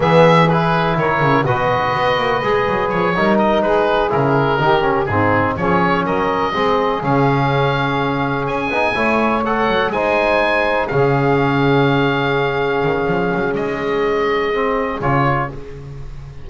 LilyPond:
<<
  \new Staff \with { instrumentName = "oboe" } { \time 4/4 \tempo 4 = 124 e''4 b'4 cis''4 dis''4~ | dis''2 cis''4 dis''8 b'8~ | b'8 ais'2 gis'4 cis''8~ | cis''8 dis''2 f''4.~ |
f''4. gis''2 fis''8~ | fis''8 gis''2 f''4.~ | f''1 | dis''2. cis''4 | }
  \new Staff \with { instrumentName = "saxophone" } { \time 4/4 gis'2 ais'4 b'4~ | b'2~ b'8 ais'4 gis'8~ | gis'4. g'4 dis'4 gis'8~ | gis'8 ais'4 gis'2~ gis'8~ |
gis'2~ gis'8 cis''4.~ | cis''8 c''2 gis'4.~ | gis'1~ | gis'1 | }
  \new Staff \with { instrumentName = "trombone" } { \time 4/4 b4 e'2 fis'4~ | fis'4 gis'4. dis'4.~ | dis'8 e'4 dis'8 cis'8 c'4 cis'8~ | cis'4. c'4 cis'4.~ |
cis'2 dis'8 e'4 a'8~ | a'8 dis'2 cis'4.~ | cis'1~ | cis'2 c'4 f'4 | }
  \new Staff \with { instrumentName = "double bass" } { \time 4/4 e2 dis8 cis8 b,4 | b8 ais8 gis8 fis8 f8 g4 gis8~ | gis8 cis4 dis4 gis,4 f8~ | f8 fis4 gis4 cis4.~ |
cis4. cis'8 b8 a4. | fis8 gis2 cis4.~ | cis2~ cis8 dis8 f8 fis8 | gis2. cis4 | }
>>